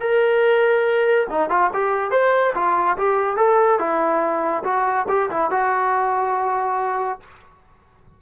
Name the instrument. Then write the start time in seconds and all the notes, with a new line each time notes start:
trombone
0.00 A#4
1.29 D#4
1.49 F4
1.73 G4
2.11 C5
2.54 F4
2.97 G4
3.36 A4
3.79 E4
4.64 F#4
5.08 G4
5.30 E4
5.50 F#4